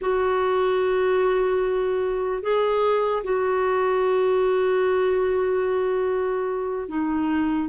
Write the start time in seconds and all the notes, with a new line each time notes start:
0.01 F#4
2.42 G#4
3.23 F#4
6.88 D#4